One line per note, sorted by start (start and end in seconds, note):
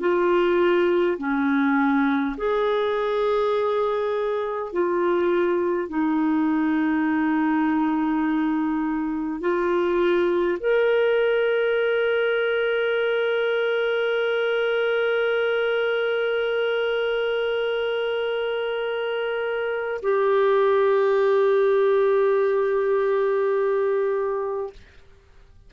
0.00 1.18 F4
1.18 2.36 C#4
2.37 4.73 G#4
4.73 5.89 F4
5.89 9.41 D#4
9.41 10.58 F4
10.59 20.01 A#4
20.02 24.73 G4